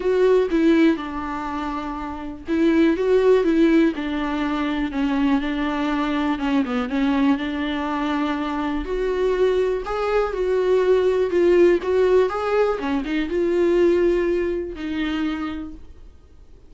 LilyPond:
\new Staff \with { instrumentName = "viola" } { \time 4/4 \tempo 4 = 122 fis'4 e'4 d'2~ | d'4 e'4 fis'4 e'4 | d'2 cis'4 d'4~ | d'4 cis'8 b8 cis'4 d'4~ |
d'2 fis'2 | gis'4 fis'2 f'4 | fis'4 gis'4 cis'8 dis'8 f'4~ | f'2 dis'2 | }